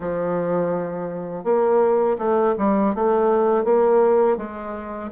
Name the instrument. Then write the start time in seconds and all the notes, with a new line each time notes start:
bassoon
0.00 F3
1.43 A#3
2.18 A3
2.58 G3
2.95 A3
3.64 A#3
4.37 G#3